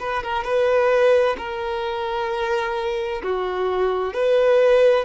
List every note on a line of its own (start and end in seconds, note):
0.00 0.23 B4
0.23 0.44 A#4
0.44 1.36 B4
1.38 3.23 A#4
3.23 4.14 F#4
4.14 5.05 B4